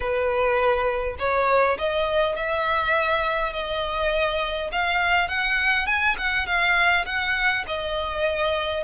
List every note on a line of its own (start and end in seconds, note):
0.00 1.16 B4
1.18 1.77 C#5
1.78 2.35 D#5
2.35 3.52 E5
3.52 4.70 D#5
4.72 5.28 F5
5.28 5.86 F#5
5.86 6.15 G#5
6.18 6.46 F#5
6.46 7.05 F5
7.05 7.64 F#5
7.67 8.84 D#5